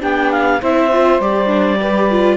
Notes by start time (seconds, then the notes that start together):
0.00 B3 D4 G4 G5
0.31 F5
0.60 C4 E4 C5 E5
0.92 F4
1.20 G3 G4 D5
1.47 D4
1.80 G4 B4
2.10 F4